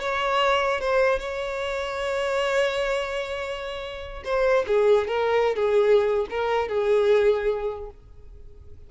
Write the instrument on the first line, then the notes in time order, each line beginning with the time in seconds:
violin
0.00 C#5
0.80 C5
1.19 C#5
4.25 C5
4.67 G#4
5.08 A#4
5.56 G#4
6.30 A#4
6.68 G#4